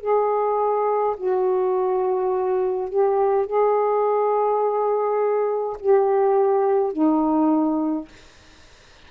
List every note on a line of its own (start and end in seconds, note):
0.00 1.15 G#4
1.17 2.89 F#4
2.89 3.46 G4
3.46 5.76 G#4
5.80 6.92 G4
6.92 8.08 D#4